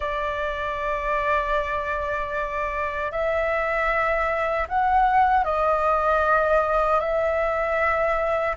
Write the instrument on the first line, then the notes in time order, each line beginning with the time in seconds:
flute
0.00 D5
3.11 E5
4.68 F#5
5.44 D#5
7.00 E5